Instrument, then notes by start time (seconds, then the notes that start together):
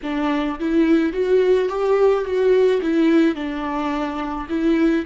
viola
0.03 D4
0.59 E4
1.12 F#4
1.68 G4
2.24 F#4
2.81 E4
3.35 D4
4.49 E4